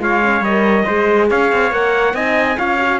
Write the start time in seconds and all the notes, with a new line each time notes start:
0.00 G#3 F4 C#5 F5
0.22 C#4
0.41 G3 A#4 D#5
0.85 G#3 G#4 C5
1.30 C#4 C#5 F5
1.52 C4
1.72 A#3 A#4 F#5
2.14 C4 D#4 D#5 G#5
2.57 C#4 F4 C#5 F5
2.79 F#4